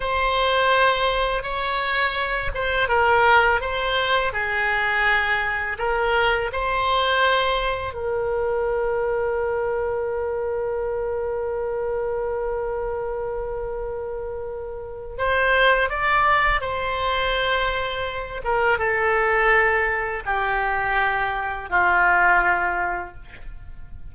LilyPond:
\new Staff \with { instrumentName = "oboe" } { \time 4/4 \tempo 4 = 83 c''2 cis''4. c''8 | ais'4 c''4 gis'2 | ais'4 c''2 ais'4~ | ais'1~ |
ais'1~ | ais'4 c''4 d''4 c''4~ | c''4. ais'8 a'2 | g'2 f'2 | }